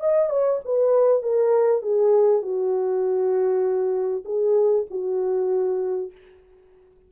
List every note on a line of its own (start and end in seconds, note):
0.00 0.30 D#5
0.30 0.60 C#5
0.65 1.23 B4
1.23 1.82 A#4
1.82 2.42 G#4
2.42 4.24 F#4
4.25 4.86 G#4
4.91 6.12 F#4